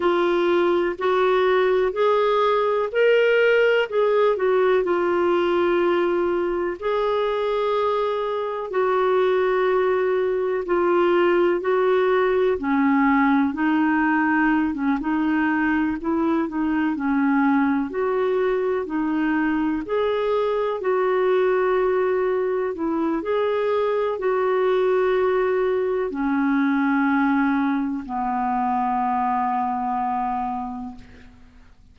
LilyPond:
\new Staff \with { instrumentName = "clarinet" } { \time 4/4 \tempo 4 = 62 f'4 fis'4 gis'4 ais'4 | gis'8 fis'8 f'2 gis'4~ | gis'4 fis'2 f'4 | fis'4 cis'4 dis'4~ dis'16 cis'16 dis'8~ |
dis'8 e'8 dis'8 cis'4 fis'4 dis'8~ | dis'8 gis'4 fis'2 e'8 | gis'4 fis'2 cis'4~ | cis'4 b2. | }